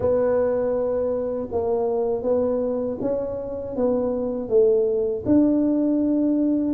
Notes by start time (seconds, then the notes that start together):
0.00 B3
1.51 A#3
2.22 B3
3.00 C#4
3.75 B3
4.48 A3
5.25 D4